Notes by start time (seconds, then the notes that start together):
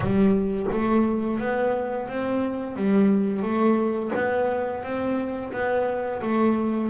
0.00 G3
0.71 A3
1.39 B3
2.08 C4
2.76 G3
3.42 A3
4.15 B3
4.83 C4
5.52 B3
6.21 A3